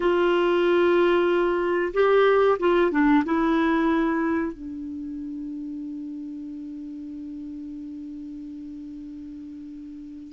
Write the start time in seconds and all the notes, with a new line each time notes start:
0.00 F4
1.93 G4
2.59 F4
2.91 D4
3.25 E4
4.52 D4